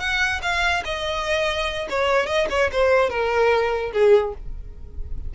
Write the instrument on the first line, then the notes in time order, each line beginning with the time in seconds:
violin
0.00 F#5
0.42 F5
0.85 D#5
1.90 C#5
2.27 D#5
2.50 C#5
2.73 C5
3.10 A#4
3.93 G#4